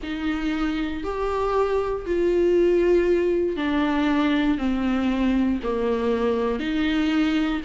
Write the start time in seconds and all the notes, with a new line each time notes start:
0.02 D#4
1.03 G4
2.05 F4
3.56 D4
4.58 C4
5.63 A#3
6.59 D#4